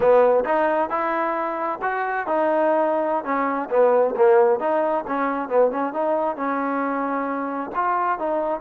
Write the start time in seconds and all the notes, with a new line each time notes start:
0.00 B3
0.44 D#4
0.89 E4
1.82 F#4
2.27 D#4
3.24 C#4
3.69 B3
4.16 A#3
4.59 D#4
5.07 C#4
5.49 B3
5.71 C#4
5.93 D#4
6.36 C#4
7.75 F4
8.18 D#4